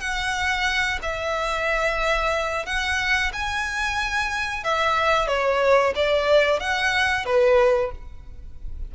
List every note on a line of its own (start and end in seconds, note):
0.00 0.99 F#5
1.02 2.66 E5
2.66 3.31 F#5
3.33 4.63 G#5
4.63 5.27 E5
5.27 5.93 C#5
5.95 6.60 D5
6.60 7.25 F#5
7.25 7.91 B4